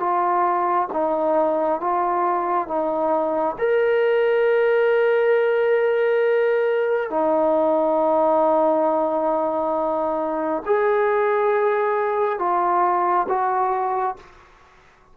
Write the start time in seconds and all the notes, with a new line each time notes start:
0.00 F4
0.93 D#4
1.81 F4
2.68 D#4
3.59 A#4
7.10 D#4
10.66 G#4
12.39 F4
13.28 F#4